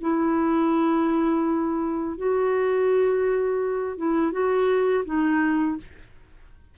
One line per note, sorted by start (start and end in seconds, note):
0.00 2.17 E4
2.17 3.97 F#4
3.97 4.32 E4
4.32 5.04 F#4
5.05 5.77 D#4